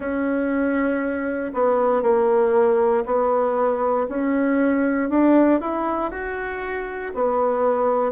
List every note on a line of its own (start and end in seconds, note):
0.00 1.52 C#4
1.53 2.02 B3
2.02 3.04 A#3
3.05 4.07 B3
4.09 5.09 C#4
5.09 5.60 D4
5.60 6.11 E4
6.11 7.12 F#4
7.14 8.12 B3